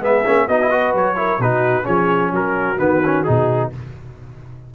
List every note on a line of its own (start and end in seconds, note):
0.00 0.23 G#3
0.00 0.24 B3
0.00 0.47 G#4
0.00 0.48 E5
0.25 0.47 A#3
0.25 0.48 C#4
0.47 0.94 B3
0.47 0.61 D#4
0.47 0.70 F#4
0.47 0.94 D#5
0.61 0.71 E4
0.70 1.15 F#4
0.70 1.16 B4
0.94 1.38 F#3
0.94 1.41 C#5
1.15 1.39 E4
1.15 1.40 A#4
1.38 1.85 B2
1.38 1.83 D#4
1.38 1.85 F#4
1.38 1.85 B4
1.83 2.32 F3
1.83 2.75 C#4
1.83 2.31 G#4
1.83 2.32 C#5
2.32 2.78 F#3
2.32 3.71 F#4
2.32 2.78 A#4
2.78 3.25 D#3
2.78 3.03 B3
2.78 3.23 B4
3.04 3.25 C#4
3.23 3.74 B2
3.23 3.72 D#4
3.23 3.69 G#4